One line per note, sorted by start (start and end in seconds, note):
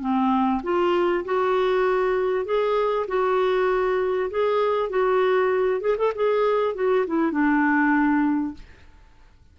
0.00 0.61 C4
0.63 1.24 F4
1.24 2.45 F#4
2.45 3.06 G#4
3.07 4.29 F#4
4.30 4.89 G#4
4.89 5.81 F#4
5.81 5.96 G#4
5.97 6.13 A4
6.15 6.75 G#4
6.75 7.05 F#4
7.06 7.31 E4
7.31 8.54 D4